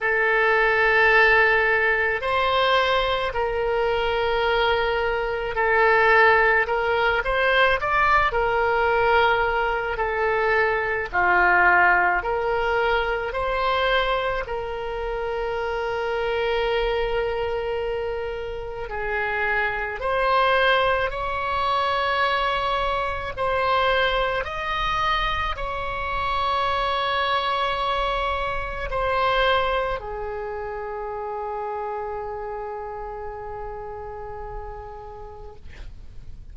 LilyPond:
\new Staff \with { instrumentName = "oboe" } { \time 4/4 \tempo 4 = 54 a'2 c''4 ais'4~ | ais'4 a'4 ais'8 c''8 d''8 ais'8~ | ais'4 a'4 f'4 ais'4 | c''4 ais'2.~ |
ais'4 gis'4 c''4 cis''4~ | cis''4 c''4 dis''4 cis''4~ | cis''2 c''4 gis'4~ | gis'1 | }